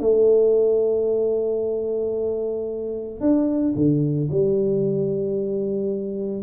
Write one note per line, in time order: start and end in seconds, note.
0.00 3.20 A3
3.20 3.74 D4
3.75 4.29 D3
4.31 6.42 G3